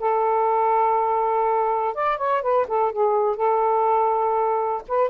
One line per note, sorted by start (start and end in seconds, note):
0.00 1.95 A4
1.95 2.18 D5
2.18 2.42 C#5
2.42 2.67 B4
2.68 2.92 A4
2.92 3.37 G#4
3.37 4.83 A4
4.88 5.10 B4